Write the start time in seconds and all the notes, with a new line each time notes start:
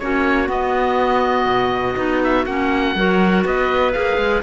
0.00 A#3 C#4 F#4 C#5
0.47 B3 D#5
1.46 B2
1.96 B3 D#4
2.24 E5
2.46 A#3 C#4 F#5
2.95 F#3 F#4 A#4
3.45 B3 B4 D#5
3.93 A#3 G#4 F5
4.18 G#3